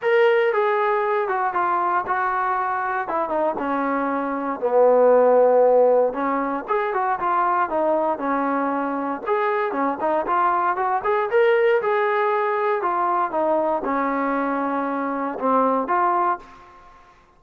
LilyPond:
\new Staff \with { instrumentName = "trombone" } { \time 4/4 \tempo 4 = 117 ais'4 gis'4. fis'8 f'4 | fis'2 e'8 dis'8 cis'4~ | cis'4 b2. | cis'4 gis'8 fis'8 f'4 dis'4 |
cis'2 gis'4 cis'8 dis'8 | f'4 fis'8 gis'8 ais'4 gis'4~ | gis'4 f'4 dis'4 cis'4~ | cis'2 c'4 f'4 | }